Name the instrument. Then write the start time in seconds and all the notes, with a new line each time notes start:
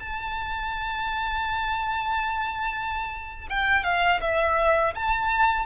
violin
0.00 A5
3.50 G5
3.84 F5
4.21 E5
4.95 A5